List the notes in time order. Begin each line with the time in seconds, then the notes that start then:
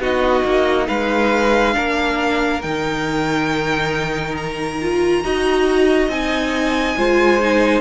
0.00 B3 D#4 F#4 D#5
0.45 A#3
0.88 G#3 B4 F5
1.74 A#3 D4 A#4
2.62 D#3 D#4 G5
4.37 A#5
4.82 F4
5.24 D#4 F#4 D#5
6.09 C4 D#4 G#5
6.98 G#3 F4 C5
7.41 D#4